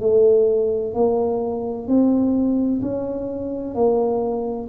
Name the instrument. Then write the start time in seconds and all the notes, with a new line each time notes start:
tuba
0.00 A3
0.94 A#3
1.87 C4
2.81 C#4
3.74 A#3